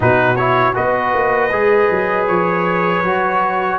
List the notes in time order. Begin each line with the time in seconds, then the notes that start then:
0.00 B2 D#4 F#4 B4
0.36 E4 C#5
0.74 B3 F#4 B4 D#5
1.14 A#3
1.51 G#3 G#4
1.90 F#3
2.26 F3 C#5
3.03 F#3 F#4